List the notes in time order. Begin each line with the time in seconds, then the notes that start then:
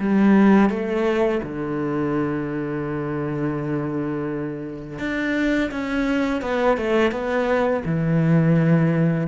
0.00 G3
0.70 A3
1.43 D3
4.99 D4
5.72 C#4
6.42 B3
6.78 A3
7.12 B3
7.86 E3